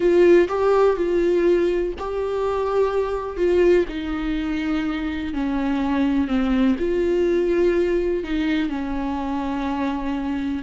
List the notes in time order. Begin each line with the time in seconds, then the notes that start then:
0.00 F4
0.48 G4
0.96 F4
1.98 G4
3.36 F4
3.88 D#4
5.33 C#4
6.27 C4
6.78 F4
8.23 D#4
8.69 C#4